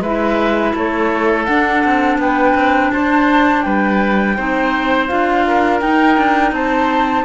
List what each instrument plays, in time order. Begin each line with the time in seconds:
0.00 cello G#3, clarinet E4, oboe B4, flute E5
0.75 cello A3, oboe A4, flute C#5
1.45 clarinet D4, cello D4, flute F#5
1.84 cello C4
2.18 cello B3, oboe B4, flute G5
2.55 cello C4
2.90 cello D4, oboe C5, flute A5
3.62 cello G3, oboe B4, flute G5
4.36 cello C4, clarinet D#4, oboe C5
5.07 cello D4, clarinet F4, flute F5
5.47 oboe A#4
5.80 cello D#4, clarinet D#4, flute G5
6.17 cello D4
6.52 cello C4, oboe C5, flute A5